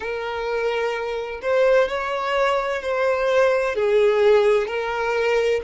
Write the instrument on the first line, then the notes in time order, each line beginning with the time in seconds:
violin
0.00 A#4
1.41 C5
1.88 C#5
2.81 C5
3.75 G#4
4.67 A#4